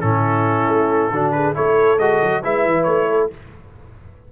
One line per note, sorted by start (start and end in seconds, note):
0.00 0.68 A2
0.00 1.11 C#4
0.00 1.12 E4
0.00 1.31 A4
0.68 1.11 A3
1.11 1.55 D3
1.11 1.54 D4
1.11 1.34 F#4
1.31 1.55 G#4
1.31 1.53 B4
1.54 1.98 A3
1.54 1.98 E4
1.54 2.42 A4
1.54 1.98 C#5
1.98 2.20 G#3
1.98 2.43 F#4
1.98 2.42 D#5
2.22 2.43 F#3
2.43 2.65 G#3
2.43 3.31 E4
2.43 3.09 B4
2.43 2.83 E5
2.65 2.86 E3
2.83 3.30 A3
2.83 3.27 C#5
3.10 3.32 A4